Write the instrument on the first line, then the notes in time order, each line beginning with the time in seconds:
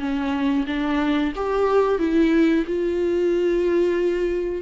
viola
0.00 C#4
0.67 D4
1.36 G4
1.99 E4
2.66 F4